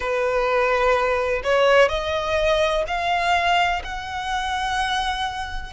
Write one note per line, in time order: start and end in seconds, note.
0.00 1.42 B4
1.43 1.88 C#5
1.88 2.84 D#5
2.87 3.82 F5
3.83 5.73 F#5